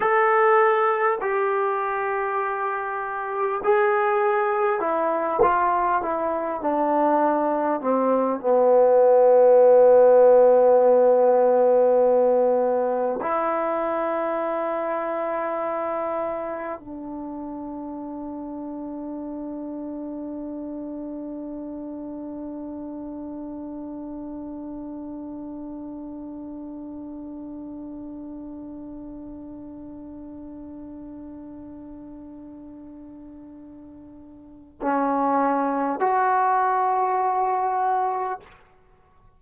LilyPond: \new Staff \with { instrumentName = "trombone" } { \time 4/4 \tempo 4 = 50 a'4 g'2 gis'4 | e'8 f'8 e'8 d'4 c'8 b4~ | b2. e'4~ | e'2 d'2~ |
d'1~ | d'1~ | d'1~ | d'4 cis'4 fis'2 | }